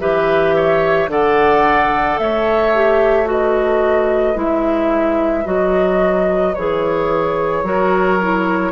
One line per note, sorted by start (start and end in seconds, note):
0.00 1.08 E3
0.00 1.09 G4
0.00 0.55 B4
0.00 1.10 E5
0.56 1.11 C#5
1.08 2.17 D3
1.08 2.74 A4
1.08 2.21 D5
1.08 2.18 F#5
2.18 4.36 A3
2.18 3.30 C#5
2.18 3.27 E5
2.75 3.25 G4
3.25 4.35 F#4
3.25 7.65 B4
3.25 4.39 D#5
4.35 5.45 G#3
4.35 5.44 E4
4.35 5.47 E5
5.45 6.55 F#3
5.45 6.54 F#4
5.45 6.55 D#5
6.55 7.63 E3
6.55 7.64 G#4
6.55 8.72 C#5
7.63 8.72 F#3
7.63 8.19 F#4
7.63 8.72 A#4
8.22 8.72 E4